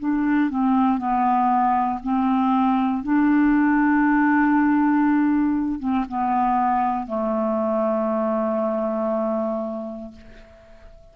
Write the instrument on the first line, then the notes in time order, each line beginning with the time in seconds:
clarinet
0.00 D4
0.50 C4
0.98 B3
2.03 C4
3.03 D4
5.80 C4
6.09 B3
7.07 A3